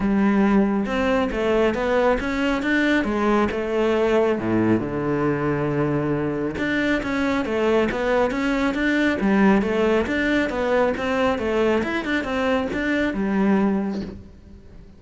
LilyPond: \new Staff \with { instrumentName = "cello" } { \time 4/4 \tempo 4 = 137 g2 c'4 a4 | b4 cis'4 d'4 gis4 | a2 a,4 d4~ | d2. d'4 |
cis'4 a4 b4 cis'4 | d'4 g4 a4 d'4 | b4 c'4 a4 e'8 d'8 | c'4 d'4 g2 | }